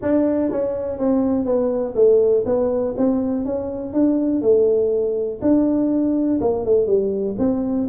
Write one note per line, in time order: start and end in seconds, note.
0.02 0.51 D4
0.51 0.98 C#4
0.98 1.45 C4
1.45 1.94 B3
1.95 2.44 A3
2.45 2.94 B3
2.97 3.45 C4
3.45 3.93 C#4
3.93 4.42 D4
4.42 5.40 A3
5.41 6.40 D4
6.41 6.65 A#3
6.65 6.87 A3
6.87 7.36 G3
7.38 7.87 C4